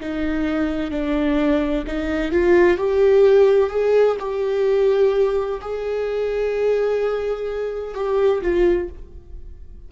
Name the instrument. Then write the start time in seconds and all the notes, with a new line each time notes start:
viola
0.00 D#4
0.91 D4
1.87 D#4
2.31 F4
2.77 G4
3.69 G#4
4.19 G4
5.61 G#4
7.94 G4
8.41 F4